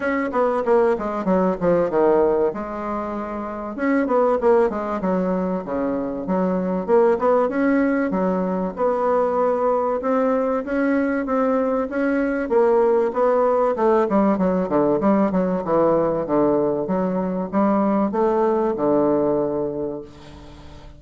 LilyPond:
\new Staff \with { instrumentName = "bassoon" } { \time 4/4 \tempo 4 = 96 cis'8 b8 ais8 gis8 fis8 f8 dis4 | gis2 cis'8 b8 ais8 gis8 | fis4 cis4 fis4 ais8 b8 | cis'4 fis4 b2 |
c'4 cis'4 c'4 cis'4 | ais4 b4 a8 g8 fis8 d8 | g8 fis8 e4 d4 fis4 | g4 a4 d2 | }